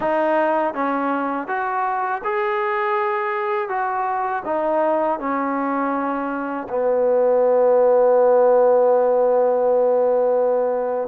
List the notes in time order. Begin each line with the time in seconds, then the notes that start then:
0.00 D#4
0.74 C#4
1.47 F#4
2.24 G#4
3.68 F#4
4.45 D#4
5.19 C#4
6.69 B3